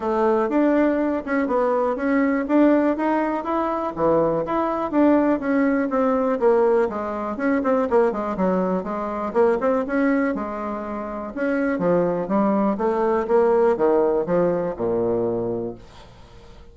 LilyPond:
\new Staff \with { instrumentName = "bassoon" } { \time 4/4 \tempo 4 = 122 a4 d'4. cis'8 b4 | cis'4 d'4 dis'4 e'4 | e4 e'4 d'4 cis'4 | c'4 ais4 gis4 cis'8 c'8 |
ais8 gis8 fis4 gis4 ais8 c'8 | cis'4 gis2 cis'4 | f4 g4 a4 ais4 | dis4 f4 ais,2 | }